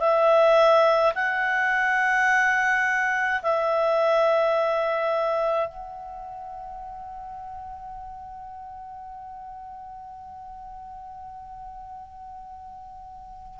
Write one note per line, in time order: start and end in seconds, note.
0.00 1.13 E5
1.15 3.41 F#5
3.42 5.69 E5
5.69 13.60 F#5